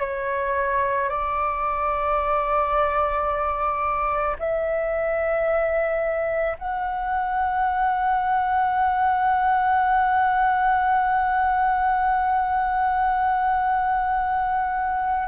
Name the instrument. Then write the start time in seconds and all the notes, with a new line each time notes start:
flute
0.00 C#5
1.09 D5
4.39 E5
6.59 F#5